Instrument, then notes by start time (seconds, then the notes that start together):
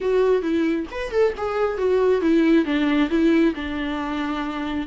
viola
0.00 F#4
0.42 E4
0.91 B4
1.11 A4
1.37 G#4
1.77 F#4
2.21 E4
2.65 D4
3.09 E4
3.55 D4